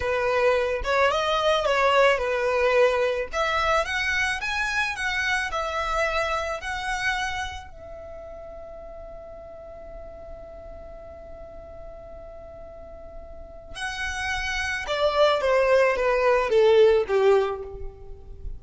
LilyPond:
\new Staff \with { instrumentName = "violin" } { \time 4/4 \tempo 4 = 109 b'4. cis''8 dis''4 cis''4 | b'2 e''4 fis''4 | gis''4 fis''4 e''2 | fis''2 e''2~ |
e''1~ | e''1~ | e''4 fis''2 d''4 | c''4 b'4 a'4 g'4 | }